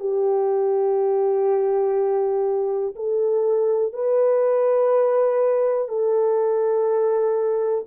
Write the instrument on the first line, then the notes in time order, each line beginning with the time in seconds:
horn
0.00 G4
2.96 A4
3.93 B4
5.89 A4